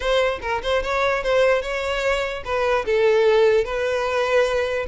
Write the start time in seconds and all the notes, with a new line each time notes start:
0.00 C5
0.41 A#4
0.62 C5
0.82 C#5
1.23 C5
1.62 C#5
2.44 B4
2.85 A4
3.64 B4